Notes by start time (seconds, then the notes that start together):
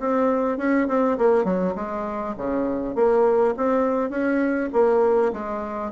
0.00 C4
0.58 C#4
0.88 C4
1.18 A#3
1.44 F#3
1.76 G#3
2.37 C#3
2.95 A#3
3.57 C4
4.10 C#4
4.73 A#3
5.33 G#3